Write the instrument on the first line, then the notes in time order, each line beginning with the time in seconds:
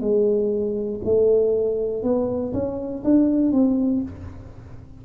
tuba
0.00 G#3
1.05 A3
2.03 B3
2.53 C#4
3.04 D4
3.52 C4